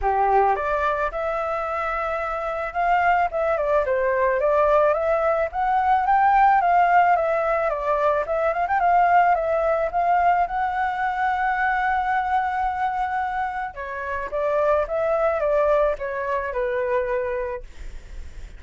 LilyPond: \new Staff \with { instrumentName = "flute" } { \time 4/4 \tempo 4 = 109 g'4 d''4 e''2~ | e''4 f''4 e''8 d''8 c''4 | d''4 e''4 fis''4 g''4 | f''4 e''4 d''4 e''8 f''16 g''16 |
f''4 e''4 f''4 fis''4~ | fis''1~ | fis''4 cis''4 d''4 e''4 | d''4 cis''4 b'2 | }